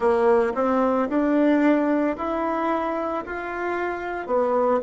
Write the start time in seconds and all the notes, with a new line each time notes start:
0.00 A#3
0.55 C4
1.09 D4
2.17 E4
3.26 F4
4.26 B3